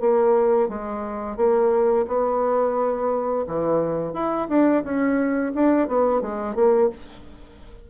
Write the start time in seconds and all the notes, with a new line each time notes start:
0.00 A#3
0.68 G#3
1.36 A#3
2.07 B3
3.47 E3
4.13 E4
4.49 D4
4.83 C#4
5.54 D4
5.87 B3
6.21 G#3
6.55 A#3